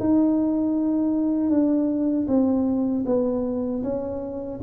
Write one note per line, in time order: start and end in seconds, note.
0.00 1.50 D#4
1.50 2.27 D4
2.28 3.05 C4
3.06 3.83 B3
3.84 4.60 C#4